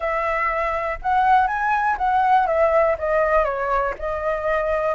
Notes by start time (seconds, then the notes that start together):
0.00 E5
1.02 F#5
1.47 G#5
1.97 F#5
2.46 E5
2.98 D#5
3.44 C#5
3.98 D#5